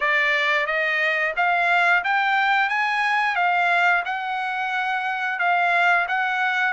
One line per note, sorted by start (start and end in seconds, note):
0.00 0.66 D5
0.66 1.33 D#5
1.36 2.03 F5
2.04 2.69 G5
2.69 3.35 G#5
3.35 4.03 F5
4.05 5.39 F#5
5.39 6.06 F5
6.07 6.73 F#5